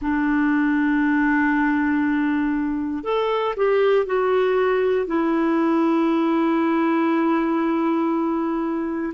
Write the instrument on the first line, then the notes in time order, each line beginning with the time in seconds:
clarinet
0.01 D4
3.03 A4
3.56 G4
4.05 F#4
5.06 E4